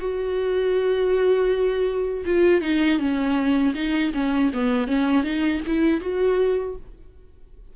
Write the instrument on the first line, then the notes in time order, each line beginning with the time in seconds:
viola
0.00 F#4
2.26 F4
2.61 D#4
2.99 C#4
3.75 D#4
4.14 C#4
4.54 B3
4.88 C#4
5.24 D#4
5.67 E4
6.01 F#4